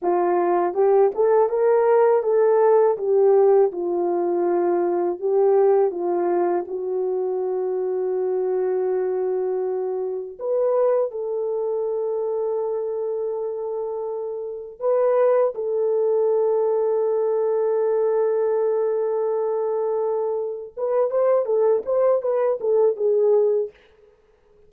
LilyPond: \new Staff \with { instrumentName = "horn" } { \time 4/4 \tempo 4 = 81 f'4 g'8 a'8 ais'4 a'4 | g'4 f'2 g'4 | f'4 fis'2.~ | fis'2 b'4 a'4~ |
a'1 | b'4 a'2.~ | a'1 | b'8 c''8 a'8 c''8 b'8 a'8 gis'4 | }